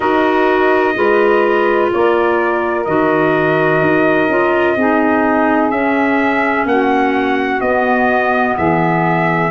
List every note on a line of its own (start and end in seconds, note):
0.00 0.95 D#4
0.00 0.94 F#4
0.00 0.94 A#4
0.00 1.88 D#5
0.95 1.91 G#3
0.95 2.85 F4
0.95 1.91 B4
1.93 2.86 A#3
1.93 4.76 A#4
1.93 2.85 D5
2.85 3.81 D#3
2.85 4.29 F#4
2.85 5.70 D#5
3.81 4.28 D#4
4.28 4.76 C#4
4.28 4.77 F4
4.76 5.70 C4
4.76 5.71 D#4
4.76 6.67 G#4
5.70 6.65 C#4
5.70 7.62 C#4
5.70 6.65 E5
6.65 7.60 A#3
6.65 8.56 F#4
6.65 7.61 F#5
7.61 8.56 B3
7.61 9.50 B3
7.61 8.56 D#5
8.56 9.50 E3
8.56 9.50 G#4
8.56 9.50 E5